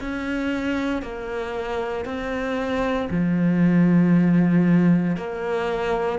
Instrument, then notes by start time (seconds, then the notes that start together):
cello
0.00 C#4
1.02 A#3
2.05 C4
3.10 F3
5.16 A#3